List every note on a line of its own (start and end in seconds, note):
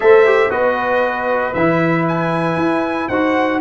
0.00 0.50 A3
0.00 0.26 A4
0.00 0.51 C5
0.00 0.50 E5
0.26 0.50 G4
0.50 1.53 B3
0.50 1.53 F#4
0.50 3.08 B4
0.50 1.53 D#5
1.53 2.57 E3
1.53 3.11 E4
1.53 2.05 E5
2.08 3.08 G#5
2.57 3.08 E4
3.08 3.61 D#4
3.08 3.61 F#4
3.08 3.60 C5
3.08 3.60 F#5